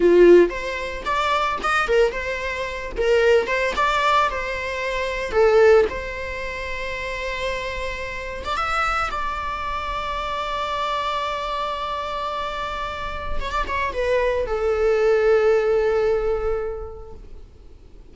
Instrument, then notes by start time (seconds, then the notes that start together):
viola
0.00 F4
0.49 C5
1.05 D5
1.62 D#5
1.87 A#4
2.11 C5
2.97 A#4
3.47 C5
3.75 D5
4.30 C5
5.31 A4
5.89 C5
8.44 D5
8.56 E5
9.10 D5
13.40 C#5
13.51 D5
13.67 C#5
13.93 B4
14.46 A4